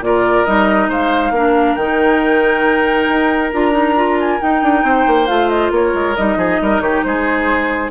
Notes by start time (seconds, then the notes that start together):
0.00 A#2 F4 A#4 D5
0.46 G3 D#4 D#5
0.89 G#3 C5 F5
1.31 A#3 D4 A#4
1.75 D#3 D#4 G5
3.08 D#4
3.53 D4 F4 A#5
3.72 D#4
3.96 F4
4.20 G#5
4.41 D#4 G5
4.63 D4
4.83 C4 C5
5.07 A#3
5.27 A3 F4 F5
5.49 D#5
5.71 A#3 A#4 C#5
5.94 G#3
6.16 G3 D#4 D#5
6.37 F3 G#4
6.62 G3 A#4
6.80 D#3 G4 C#5
7.03 G#3 G#4 C5